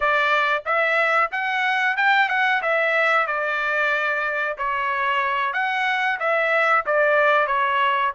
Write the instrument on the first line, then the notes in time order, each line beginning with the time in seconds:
trumpet
0.00 D5
0.65 E5
1.31 F#5
1.96 G5
2.28 F#5
2.62 E5
3.26 D5
4.57 C#5
5.53 F#5
6.19 E5
6.86 D5
7.46 C#5